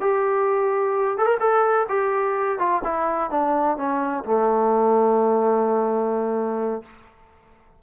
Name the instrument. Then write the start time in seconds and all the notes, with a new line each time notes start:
trombone
0.00 G4
1.17 A4
1.25 A#4
1.40 A4
1.89 G4
2.58 F4
2.84 E4
3.30 D4
3.77 C#4
4.24 A3